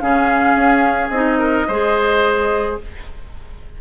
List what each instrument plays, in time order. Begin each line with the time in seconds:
0.00 bassoon C#3, clarinet C#4, oboe G#4, flute F5
0.56 bassoon C#4
1.10 bassoon C4, clarinet D#4, flute D#5
1.39 oboe A#4
1.68 bassoon G#3, clarinet G#4, oboe C5